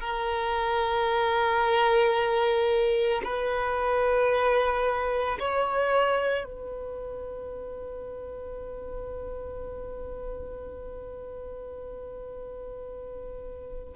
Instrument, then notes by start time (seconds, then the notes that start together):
violin
0.00 A#4
3.24 B4
5.39 C#5
6.44 B4